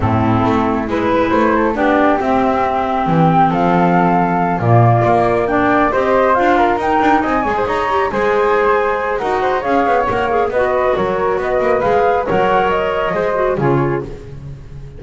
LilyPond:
<<
  \new Staff \with { instrumentName = "flute" } { \time 4/4 \tempo 4 = 137 a'2 b'4 c''4 | d''4 e''2 g''4 | f''2~ f''8 d''4.~ | d''8 g''4 dis''4 f''4 g''8~ |
g''8 gis''4 ais''4 gis''4.~ | gis''4 fis''4 f''4 fis''8 f''8 | dis''4 cis''4 dis''4 f''4 | fis''4 dis''2 cis''4 | }
  \new Staff \with { instrumentName = "flute" } { \time 4/4 e'2 b'4. a'8 | g'1 | a'2~ a'8 f'4.~ | f'8 d''4 c''4. ais'4~ |
ais'8 dis''8 cis''16 c''16 cis''4 c''4.~ | c''4 ais'8 c''8 cis''2 | b'4 ais'4 b'2 | cis''2 c''4 gis'4 | }
  \new Staff \with { instrumentName = "clarinet" } { \time 4/4 c'2 e'2 | d'4 c'2.~ | c'2~ c'8 ais4.~ | ais8 d'4 g'4 f'4 dis'8~ |
dis'4 gis'4 g'8 gis'4.~ | gis'4 fis'4 gis'4 ais'8 gis'8 | fis'2. gis'4 | ais'2 gis'8 fis'8 f'4 | }
  \new Staff \with { instrumentName = "double bass" } { \time 4/4 a,4 a4 gis4 a4 | b4 c'2 e4 | f2~ f8 ais,4 ais8~ | ais4. c'4 d'4 dis'8 |
d'8 c'8 gis8 dis'4 gis4.~ | gis4 dis'4 cis'8 b8 ais4 | b4 fis4 b8 ais8 gis4 | fis2 gis4 cis4 | }
>>